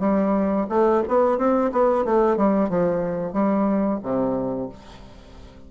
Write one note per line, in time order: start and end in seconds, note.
0.00 0.67 G3
0.70 1.03 A3
1.08 1.38 B3
1.38 1.72 C4
1.72 2.05 B3
2.05 2.37 A3
2.37 2.69 G3
2.69 3.33 F3
3.33 4.00 G3
4.03 4.70 C3